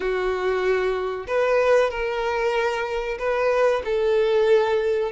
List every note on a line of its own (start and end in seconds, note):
0.00 1.26 F#4
1.27 1.90 B4
1.90 3.18 A#4
3.18 3.82 B4
3.84 5.11 A4